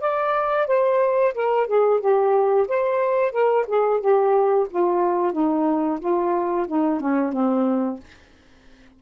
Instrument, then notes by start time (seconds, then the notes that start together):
saxophone
0.00 D5
0.67 C5
1.34 A#4
1.66 G#4
2.00 G4
2.67 C5
3.32 A#4
3.67 G#4
4.00 G4
4.70 F4
5.32 D#4
5.99 F4
6.67 D#4
7.00 C#4
7.32 C4